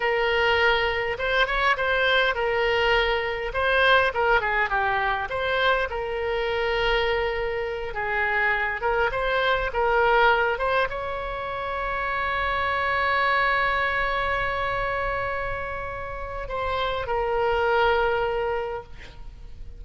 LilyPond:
\new Staff \with { instrumentName = "oboe" } { \time 4/4 \tempo 4 = 102 ais'2 c''8 cis''8 c''4 | ais'2 c''4 ais'8 gis'8 | g'4 c''4 ais'2~ | ais'4. gis'4. ais'8 c''8~ |
c''8 ais'4. c''8 cis''4.~ | cis''1~ | cis''1 | c''4 ais'2. | }